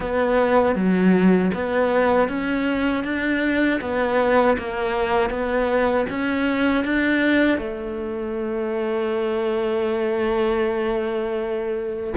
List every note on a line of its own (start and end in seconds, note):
0.00 0.75 B3
0.75 1.51 F#3
1.54 2.28 B3
2.28 3.04 C#4
3.04 3.80 D4
3.80 4.56 B3
4.57 5.30 A#3
5.30 6.06 B3
6.09 6.84 C#4
6.84 7.58 D4
7.58 12.13 A3